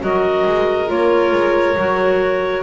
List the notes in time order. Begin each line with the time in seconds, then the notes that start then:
0.00 F#3 F#4 A#4 D#5
0.47 G#3
0.87 A#3 F4 C#5
1.32 G#3
1.77 F#3 F#4